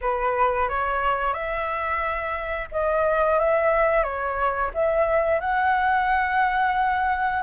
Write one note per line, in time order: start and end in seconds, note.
0.01 0.68 B4
0.69 1.33 C#5
1.33 2.68 E5
2.72 3.39 D#5
3.39 4.03 E5
4.03 4.70 C#5
4.74 5.40 E5
5.40 7.42 F#5